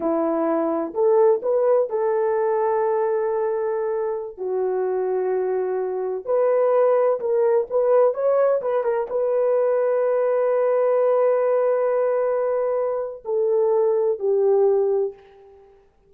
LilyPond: \new Staff \with { instrumentName = "horn" } { \time 4/4 \tempo 4 = 127 e'2 a'4 b'4 | a'1~ | a'4~ a'16 fis'2~ fis'8.~ | fis'4~ fis'16 b'2 ais'8.~ |
ais'16 b'4 cis''4 b'8 ais'8 b'8.~ | b'1~ | b'1 | a'2 g'2 | }